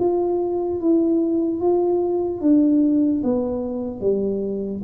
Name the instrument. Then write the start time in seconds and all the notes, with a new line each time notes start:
tuba
0.00 F4
0.81 E4
1.61 F4
2.41 D4
3.24 B3
4.01 G3